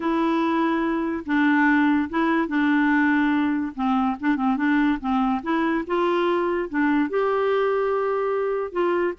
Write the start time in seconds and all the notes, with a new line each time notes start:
0.00 E4
1.26 D4
2.09 E4
2.48 D4
3.75 C4
4.20 D4
4.36 C4
4.57 D4
5.00 C4
5.43 E4
5.87 F4
6.69 D4
7.09 G4
8.72 F4